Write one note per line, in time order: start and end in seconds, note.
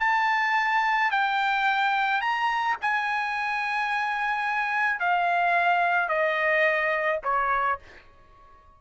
0.00 1.11 A5
1.11 2.21 G5
2.21 2.77 A#5
2.82 5.00 G#5
5.00 6.09 F5
6.09 7.20 D#5
7.24 7.79 C#5